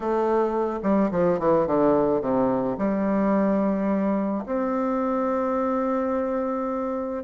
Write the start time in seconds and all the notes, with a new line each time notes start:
0.00 A3
0.82 G3
1.11 F3
1.39 E3
1.67 D3
2.21 C3
2.78 G3
4.46 C4